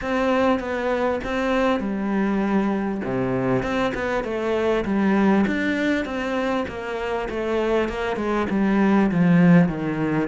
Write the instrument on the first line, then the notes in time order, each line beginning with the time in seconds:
cello
0.01 C4
0.59 B3
1.24 C4
1.80 G3
3.04 C3
3.62 C4
3.94 B3
4.23 A3
4.84 G3
5.46 D4
6.05 C4
6.67 A#3
7.29 A3
7.88 A#3
8.16 G#3
8.50 G3
9.11 F3
9.68 D#3